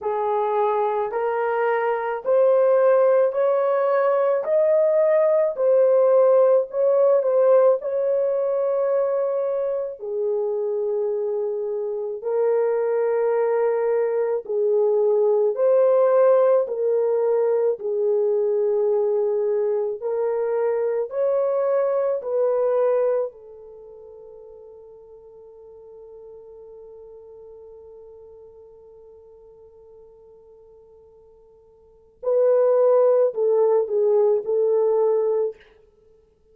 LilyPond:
\new Staff \with { instrumentName = "horn" } { \time 4/4 \tempo 4 = 54 gis'4 ais'4 c''4 cis''4 | dis''4 c''4 cis''8 c''8 cis''4~ | cis''4 gis'2 ais'4~ | ais'4 gis'4 c''4 ais'4 |
gis'2 ais'4 cis''4 | b'4 a'2.~ | a'1~ | a'4 b'4 a'8 gis'8 a'4 | }